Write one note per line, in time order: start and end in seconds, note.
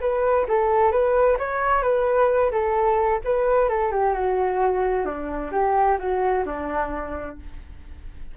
0.00 0.46 B4
0.48 0.91 A4
0.91 1.37 B4
1.38 1.82 C#5
1.82 2.51 B4
2.52 3.20 A4
3.24 3.69 B4
3.69 3.92 A4
3.92 4.13 G4
4.13 5.05 F#4
5.05 5.51 D4
5.51 5.97 G4
5.99 6.44 F#4
6.46 7.37 D4